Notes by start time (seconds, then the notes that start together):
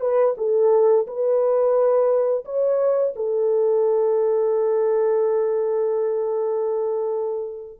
0.00 B4
0.37 A4
1.06 B4
2.45 C#5
3.15 A4